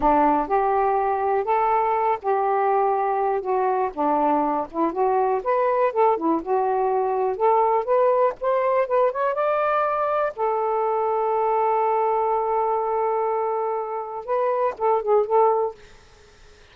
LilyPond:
\new Staff \with { instrumentName = "saxophone" } { \time 4/4 \tempo 4 = 122 d'4 g'2 a'4~ | a'8 g'2~ g'8 fis'4 | d'4. e'8 fis'4 b'4 | a'8 e'8 fis'2 a'4 |
b'4 c''4 b'8 cis''8 d''4~ | d''4 a'2.~ | a'1~ | a'4 b'4 a'8 gis'8 a'4 | }